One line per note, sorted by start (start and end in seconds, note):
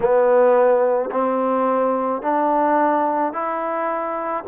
0.00 1.10 B3
1.11 2.22 C4
2.22 3.32 D4
3.32 4.43 E4